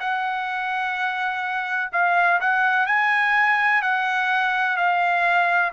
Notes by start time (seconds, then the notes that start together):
0.00 F#5
1.93 F5
2.41 F#5
2.87 G#5
3.82 F#5
4.77 F5